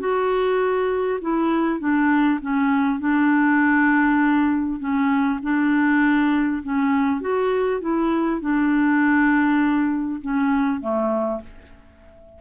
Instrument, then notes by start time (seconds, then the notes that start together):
clarinet
0.00 F#4
1.21 E4
1.79 D4
2.42 C#4
2.99 D4
4.79 C#4
5.42 D4
6.63 C#4
7.21 F#4
7.81 E4
8.41 D4
10.21 C#4
10.81 A3